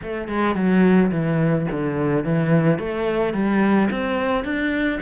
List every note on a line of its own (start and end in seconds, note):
0.02 0.28 A3
0.28 0.55 G#3
0.55 1.11 F#3
1.11 1.66 E3
1.71 2.24 D3
2.24 2.79 E3
2.79 3.33 A3
3.33 3.89 G3
3.90 4.44 C4
4.44 5.00 D4